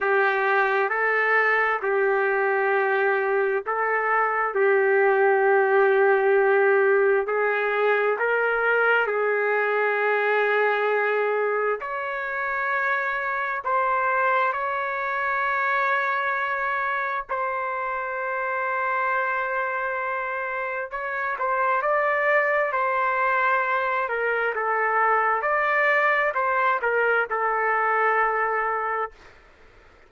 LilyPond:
\new Staff \with { instrumentName = "trumpet" } { \time 4/4 \tempo 4 = 66 g'4 a'4 g'2 | a'4 g'2. | gis'4 ais'4 gis'2~ | gis'4 cis''2 c''4 |
cis''2. c''4~ | c''2. cis''8 c''8 | d''4 c''4. ais'8 a'4 | d''4 c''8 ais'8 a'2 | }